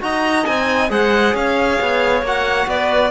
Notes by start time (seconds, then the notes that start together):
0.00 D#4 F#4 D#5 A#5
0.45 C4 D#4 G#5
0.89 G#3 G#4 C5 F#5
1.34 C#4 C#5 F5
1.81 B3
2.22 A#3 F#4 F#5
2.67 B3 B4 D5